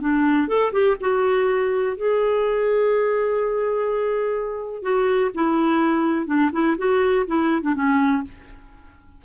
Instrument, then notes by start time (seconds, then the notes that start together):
clarinet
0.00 D4
0.48 A4
0.72 G4
1.00 F#4
1.96 G#4
4.82 F#4
5.34 E4
6.26 D4
6.52 E4
6.77 F#4
7.26 E4
7.62 D4
7.75 C#4